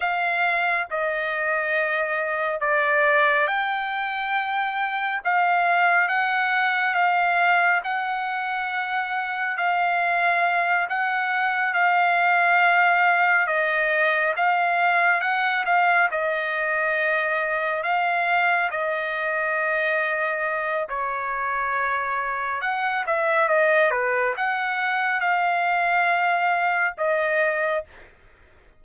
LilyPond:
\new Staff \with { instrumentName = "trumpet" } { \time 4/4 \tempo 4 = 69 f''4 dis''2 d''4 | g''2 f''4 fis''4 | f''4 fis''2 f''4~ | f''8 fis''4 f''2 dis''8~ |
dis''8 f''4 fis''8 f''8 dis''4.~ | dis''8 f''4 dis''2~ dis''8 | cis''2 fis''8 e''8 dis''8 b'8 | fis''4 f''2 dis''4 | }